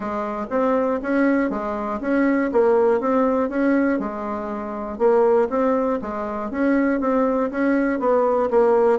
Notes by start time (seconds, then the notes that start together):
0.00 G#3
0.50 C4
1.02 C#4
1.50 G#3
2.00 C#4
2.52 A#3
3.00 C4
3.49 C#4
3.99 G#3
4.98 A#3
5.49 C4
6.01 G#3
6.50 C#4
7.00 C4
7.50 C#4
7.99 B3
8.50 A#3